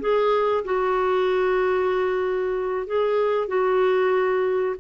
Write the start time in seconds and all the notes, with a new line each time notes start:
0.00 G#4
0.65 F#4
2.87 G#4
3.48 F#4